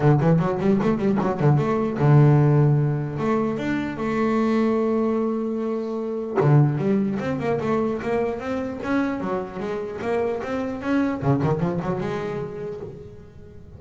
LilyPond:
\new Staff \with { instrumentName = "double bass" } { \time 4/4 \tempo 4 = 150 d8 e8 fis8 g8 a8 g8 fis8 d8 | a4 d2. | a4 d'4 a2~ | a1 |
d4 g4 c'8 ais8 a4 | ais4 c'4 cis'4 fis4 | gis4 ais4 c'4 cis'4 | cis8 dis8 f8 fis8 gis2 | }